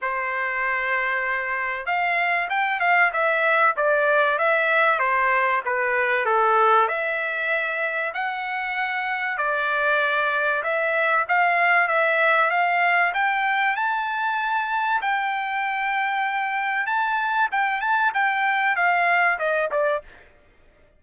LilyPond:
\new Staff \with { instrumentName = "trumpet" } { \time 4/4 \tempo 4 = 96 c''2. f''4 | g''8 f''8 e''4 d''4 e''4 | c''4 b'4 a'4 e''4~ | e''4 fis''2 d''4~ |
d''4 e''4 f''4 e''4 | f''4 g''4 a''2 | g''2. a''4 | g''8 a''8 g''4 f''4 dis''8 d''8 | }